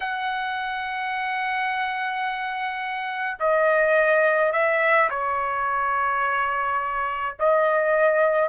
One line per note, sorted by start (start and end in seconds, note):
0.00 3.37 F#5
3.39 4.52 D#5
4.52 5.09 E5
5.09 7.36 C#5
7.39 8.49 D#5